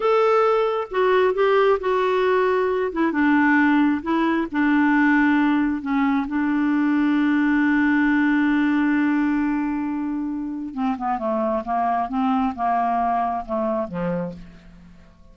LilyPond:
\new Staff \with { instrumentName = "clarinet" } { \time 4/4 \tempo 4 = 134 a'2 fis'4 g'4 | fis'2~ fis'8 e'8 d'4~ | d'4 e'4 d'2~ | d'4 cis'4 d'2~ |
d'1~ | d'1 | c'8 b8 a4 ais4 c'4 | ais2 a4 f4 | }